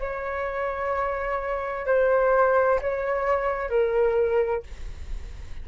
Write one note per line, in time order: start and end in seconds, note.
0.00 1.87 C#5
1.87 2.80 C5
2.82 3.70 C#5
3.70 4.64 A#4